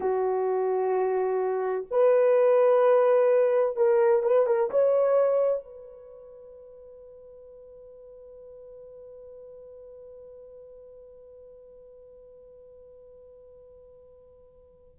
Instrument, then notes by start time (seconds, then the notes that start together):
horn
0.00 F#4
1.90 B4
3.76 A#4
4.22 B4
4.46 A#4
4.70 C#5
5.64 B4